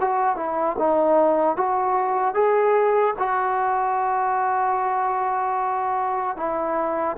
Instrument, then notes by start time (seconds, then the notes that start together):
trombone
0.00 F#4
0.36 E4
0.79 D#4
1.57 F#4
2.34 G#4
3.19 F#4
6.37 E4